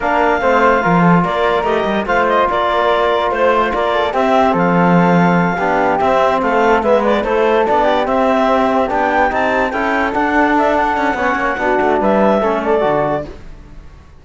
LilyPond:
<<
  \new Staff \with { instrumentName = "clarinet" } { \time 4/4 \tempo 4 = 145 f''2. d''4 | dis''4 f''8 dis''8 d''2 | c''4 d''4 e''4 f''4~ | f''2~ f''8 e''4 f''8~ |
f''8 e''8 d''8 c''4 d''4 e''8~ | e''4. g''4 a''4 g''8~ | g''8 fis''4 e''8 fis''2~ | fis''4 e''4. d''4. | }
  \new Staff \with { instrumentName = "flute" } { \time 4/4 ais'4 c''4 ais'8 a'8 ais'4~ | ais'4 c''4 ais'2 | c''4 ais'8 a'8 g'4 a'4~ | a'4. g'2 a'8~ |
a'8 b'4 a'4. g'4~ | g'2.~ g'8 a'8~ | a'2. cis''4 | fis'4 b'4 a'2 | }
  \new Staff \with { instrumentName = "trombone" } { \time 4/4 d'4 c'4 f'2 | g'4 f'2.~ | f'2 c'2~ | c'4. d'4 c'4.~ |
c'8 b4 e'4 d'4 c'8~ | c'4. d'4 dis'4 e'8~ | e'8 d'2~ d'8 cis'4 | d'2 cis'4 fis'4 | }
  \new Staff \with { instrumentName = "cello" } { \time 4/4 ais4 a4 f4 ais4 | a8 g8 a4 ais2 | a4 ais4 c'4 f4~ | f4. b4 c'4 a8~ |
a8 gis4 a4 b4 c'8~ | c'4. b4 c'4 cis'8~ | cis'8 d'2 cis'8 b8 ais8 | b8 a8 g4 a4 d4 | }
>>